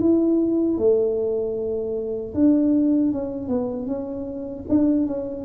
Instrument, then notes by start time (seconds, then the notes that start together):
tuba
0.00 E4
0.78 A3
2.34 D4
3.12 C#4
3.48 B3
3.86 C#4
4.69 D4
5.06 C#4